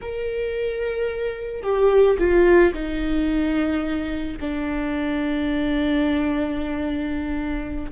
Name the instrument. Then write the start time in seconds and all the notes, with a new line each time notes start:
viola
0.01 A#4
1.62 G4
2.18 F4
2.73 D#4
4.40 D4